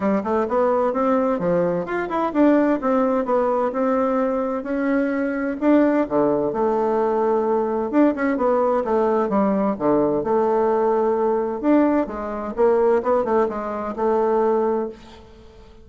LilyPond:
\new Staff \with { instrumentName = "bassoon" } { \time 4/4 \tempo 4 = 129 g8 a8 b4 c'4 f4 | f'8 e'8 d'4 c'4 b4 | c'2 cis'2 | d'4 d4 a2~ |
a4 d'8 cis'8 b4 a4 | g4 d4 a2~ | a4 d'4 gis4 ais4 | b8 a8 gis4 a2 | }